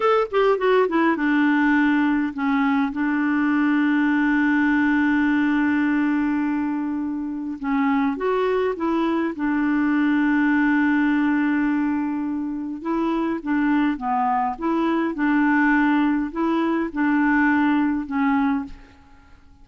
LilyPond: \new Staff \with { instrumentName = "clarinet" } { \time 4/4 \tempo 4 = 103 a'8 g'8 fis'8 e'8 d'2 | cis'4 d'2.~ | d'1~ | d'4 cis'4 fis'4 e'4 |
d'1~ | d'2 e'4 d'4 | b4 e'4 d'2 | e'4 d'2 cis'4 | }